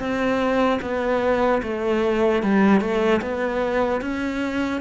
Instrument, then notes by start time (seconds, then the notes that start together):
cello
0.00 C4
0.82 B3
1.63 A3
2.43 G3
2.81 A3
3.22 B3
4.02 C#4